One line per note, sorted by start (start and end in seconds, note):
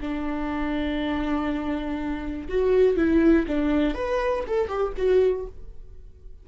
0.00 2.48 D4
2.49 2.96 F#4
2.96 3.46 E4
3.47 3.94 D4
3.94 4.44 B4
4.47 4.68 A4
4.68 4.93 G4
4.97 5.46 F#4